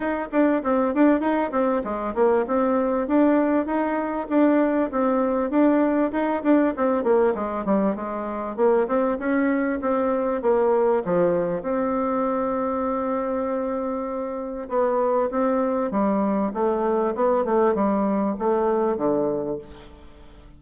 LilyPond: \new Staff \with { instrumentName = "bassoon" } { \time 4/4 \tempo 4 = 98 dis'8 d'8 c'8 d'8 dis'8 c'8 gis8 ais8 | c'4 d'4 dis'4 d'4 | c'4 d'4 dis'8 d'8 c'8 ais8 | gis8 g8 gis4 ais8 c'8 cis'4 |
c'4 ais4 f4 c'4~ | c'1 | b4 c'4 g4 a4 | b8 a8 g4 a4 d4 | }